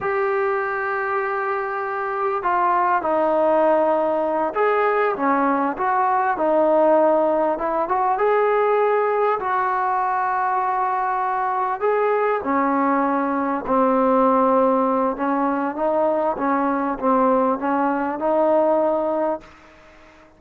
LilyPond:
\new Staff \with { instrumentName = "trombone" } { \time 4/4 \tempo 4 = 99 g'1 | f'4 dis'2~ dis'8 gis'8~ | gis'8 cis'4 fis'4 dis'4.~ | dis'8 e'8 fis'8 gis'2 fis'8~ |
fis'2.~ fis'8 gis'8~ | gis'8 cis'2 c'4.~ | c'4 cis'4 dis'4 cis'4 | c'4 cis'4 dis'2 | }